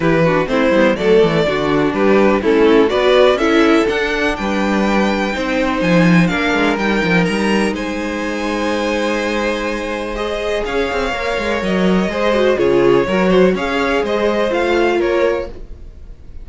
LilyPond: <<
  \new Staff \with { instrumentName = "violin" } { \time 4/4 \tempo 4 = 124 b'4 c''4 d''2 | b'4 a'4 d''4 e''4 | fis''4 g''2. | gis''4 f''4 g''4 ais''4 |
gis''1~ | gis''4 dis''4 f''2 | dis''2 cis''2 | f''4 dis''4 f''4 cis''4 | }
  \new Staff \with { instrumentName = "violin" } { \time 4/4 g'8 fis'8 e'4 a'4 fis'4 | g'4 e'4 b'4 a'4~ | a'4 b'2 c''4~ | c''4 ais'2. |
c''1~ | c''2 cis''2~ | cis''4 c''4 gis'4 ais'8 c''8 | cis''4 c''2 ais'4 | }
  \new Staff \with { instrumentName = "viola" } { \time 4/4 e'8 d'8 c'8 b8 a4 d'4~ | d'4 cis'4 fis'4 e'4 | d'2. dis'4~ | dis'4 d'4 dis'2~ |
dis'1~ | dis'4 gis'2 ais'4~ | ais'4 gis'8 fis'8 f'4 fis'4 | gis'2 f'2 | }
  \new Staff \with { instrumentName = "cello" } { \time 4/4 e4 a8 g8 fis8 e8 d4 | g4 a4 b4 cis'4 | d'4 g2 c'4 | f4 ais8 gis8 g8 f8 g4 |
gis1~ | gis2 cis'8 c'8 ais8 gis8 | fis4 gis4 cis4 fis4 | cis'4 gis4 a4 ais4 | }
>>